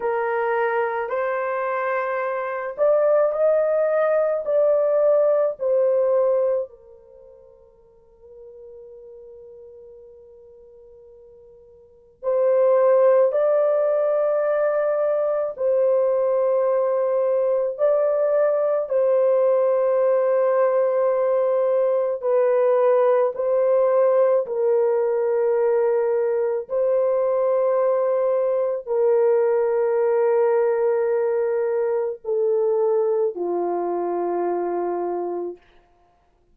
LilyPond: \new Staff \with { instrumentName = "horn" } { \time 4/4 \tempo 4 = 54 ais'4 c''4. d''8 dis''4 | d''4 c''4 ais'2~ | ais'2. c''4 | d''2 c''2 |
d''4 c''2. | b'4 c''4 ais'2 | c''2 ais'2~ | ais'4 a'4 f'2 | }